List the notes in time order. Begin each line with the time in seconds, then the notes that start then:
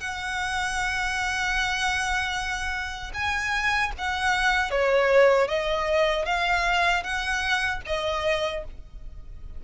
0.00 F#5
3.14 G#5
3.98 F#5
4.71 C#5
5.48 D#5
6.26 F5
7.04 F#5
7.87 D#5